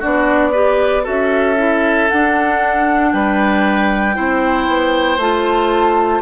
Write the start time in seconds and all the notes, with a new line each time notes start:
0.00 B3 D4 F#4 D5
0.52 G4 B4
1.03 C#4 F#4 A4 E5
1.57 E4
2.10 D4 F#5
3.12 G3 B4 G5
4.14 C4 E4 C5
4.68 B3
5.18 A3 F4 A5